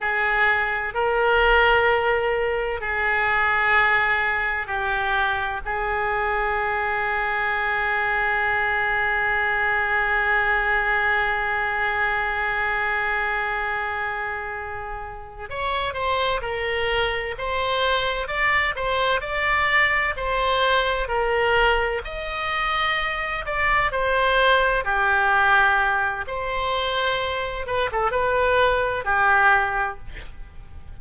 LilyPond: \new Staff \with { instrumentName = "oboe" } { \time 4/4 \tempo 4 = 64 gis'4 ais'2 gis'4~ | gis'4 g'4 gis'2~ | gis'1~ | gis'1~ |
gis'8 cis''8 c''8 ais'4 c''4 d''8 | c''8 d''4 c''4 ais'4 dis''8~ | dis''4 d''8 c''4 g'4. | c''4. b'16 a'16 b'4 g'4 | }